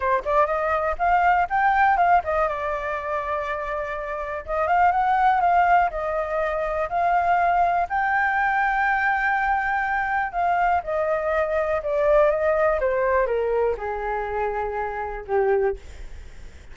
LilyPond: \new Staff \with { instrumentName = "flute" } { \time 4/4 \tempo 4 = 122 c''8 d''8 dis''4 f''4 g''4 | f''8 dis''8 d''2.~ | d''4 dis''8 f''8 fis''4 f''4 | dis''2 f''2 |
g''1~ | g''4 f''4 dis''2 | d''4 dis''4 c''4 ais'4 | gis'2. g'4 | }